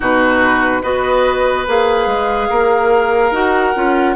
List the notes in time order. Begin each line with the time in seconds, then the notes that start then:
0.00 B2 D#4 F#4 B4
0.82 B3 F#4 B4 D#5
1.67 A#3 G#4 F5
2.06 G#3
2.50 A#3 A#4
3.31 D#4 F#4 F#5
3.74 C#4 F4